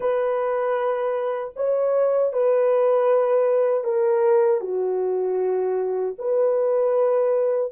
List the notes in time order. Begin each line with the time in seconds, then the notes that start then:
0.00 B4
1.56 C#5
2.32 B4
3.84 A#4
4.60 F#4
6.18 B4